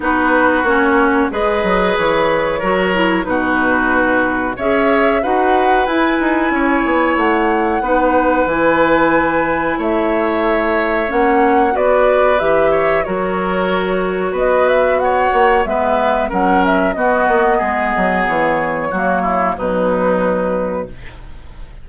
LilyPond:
<<
  \new Staff \with { instrumentName = "flute" } { \time 4/4 \tempo 4 = 92 b'4 cis''4 dis''4 cis''4~ | cis''4 b'2 e''4 | fis''4 gis''2 fis''4~ | fis''4 gis''2 e''4~ |
e''4 fis''4 d''4 e''4 | cis''2 dis''8 e''8 fis''4 | e''4 fis''8 e''8 dis''2 | cis''2 b'2 | }
  \new Staff \with { instrumentName = "oboe" } { \time 4/4 fis'2 b'2 | ais'4 fis'2 cis''4 | b'2 cis''2 | b'2. cis''4~ |
cis''2 b'4. cis''8 | ais'2 b'4 cis''4 | b'4 ais'4 fis'4 gis'4~ | gis'4 fis'8 e'8 dis'2 | }
  \new Staff \with { instrumentName = "clarinet" } { \time 4/4 dis'4 cis'4 gis'2 | fis'8 e'8 dis'2 gis'4 | fis'4 e'2. | dis'4 e'2.~ |
e'4 cis'4 fis'4 g'4 | fis'1 | b4 cis'4 b2~ | b4 ais4 fis2 | }
  \new Staff \with { instrumentName = "bassoon" } { \time 4/4 b4 ais4 gis8 fis8 e4 | fis4 b,2 cis'4 | dis'4 e'8 dis'8 cis'8 b8 a4 | b4 e2 a4~ |
a4 ais4 b4 e4 | fis2 b4. ais8 | gis4 fis4 b8 ais8 gis8 fis8 | e4 fis4 b,2 | }
>>